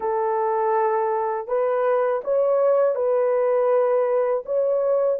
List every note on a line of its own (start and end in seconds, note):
0.00 1.47 A4
1.47 2.21 B4
2.24 2.95 C#5
2.95 4.43 B4
4.45 5.19 C#5